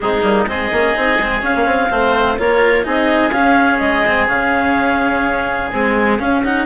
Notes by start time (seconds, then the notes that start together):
0.00 G#3 C4 D#4 G#4
0.21 G3 A#3
0.46 G#3 C4 G#4 D#5
0.72 A#3 C#4
0.94 C4 D#4
1.18 G#3 C4
1.41 C#4 F5
1.55 A#3
1.65 C4
1.89 A3 C4 C5
2.37 A#3 F4 A#4 C#5
2.83 C4 D#4 G#4 D#5
3.30 C#4 F5
3.79 G#3 D#5
4.06 C4
4.28 C#3 C#4 F5
5.71 G#3 C4 G#5
6.19 C#4 F5
6.44 D#4 F#5